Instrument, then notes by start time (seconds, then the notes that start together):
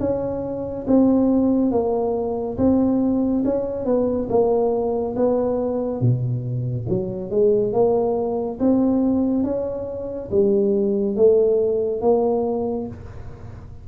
tuba
0.00 C#4
0.87 C4
1.71 A#3
2.58 C4
3.45 C#4
3.85 B3
4.29 A#3
5.16 B3
6.01 B2
6.89 F#3
7.30 G#3
7.73 A#3
8.59 C4
9.44 C#4
10.31 G3
11.16 A3
12.02 A#3